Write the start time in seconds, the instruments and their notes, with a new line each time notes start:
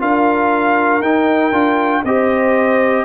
0.00 tuba D4, trombone F4, horn A#4, trumpet F5
1.00 tuba D#4, trombone D#4, trumpet G5
1.52 tuba D4, trombone F4
2.04 tuba C4, trombone G4, horn C5, trumpet D#5